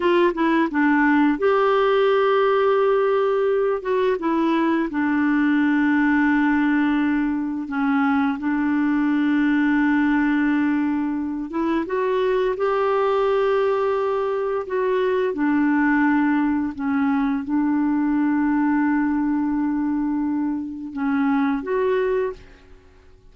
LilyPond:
\new Staff \with { instrumentName = "clarinet" } { \time 4/4 \tempo 4 = 86 f'8 e'8 d'4 g'2~ | g'4. fis'8 e'4 d'4~ | d'2. cis'4 | d'1~ |
d'8 e'8 fis'4 g'2~ | g'4 fis'4 d'2 | cis'4 d'2.~ | d'2 cis'4 fis'4 | }